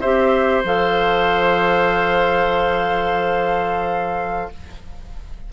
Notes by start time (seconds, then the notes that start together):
0.00 C4 G4 C5 E5
0.63 F3 A4 F5